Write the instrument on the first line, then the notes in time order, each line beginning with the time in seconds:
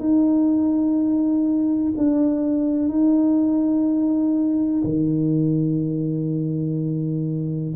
tuba
0.00 D#4
1.98 D4
2.89 D#4
4.84 D#3